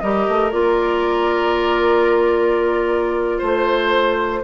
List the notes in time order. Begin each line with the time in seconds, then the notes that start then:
0.00 G3 G4 A#4 D#5
0.28 A3
0.51 A#3 F4 D5
3.38 A3 C5
3.45 C5